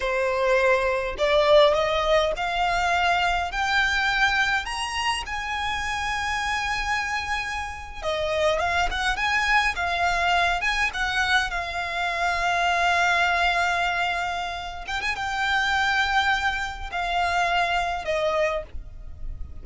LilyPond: \new Staff \with { instrumentName = "violin" } { \time 4/4 \tempo 4 = 103 c''2 d''4 dis''4 | f''2 g''2 | ais''4 gis''2.~ | gis''4.~ gis''16 dis''4 f''8 fis''8 gis''16~ |
gis''8. f''4. gis''8 fis''4 f''16~ | f''1~ | f''4. g''16 gis''16 g''2~ | g''4 f''2 dis''4 | }